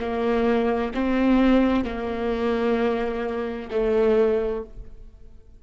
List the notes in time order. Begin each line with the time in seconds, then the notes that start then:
0.00 A#3
0.95 C4
1.85 A#3
3.71 A3